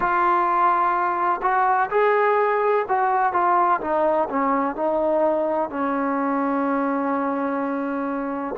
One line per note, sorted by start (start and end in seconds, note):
0.00 1.40 F4
1.42 1.89 F#4
1.90 2.85 G#4
2.88 3.32 F#4
3.32 3.80 F4
3.81 4.28 D#4
4.29 4.75 C#4
4.75 5.69 D#4
5.69 8.55 C#4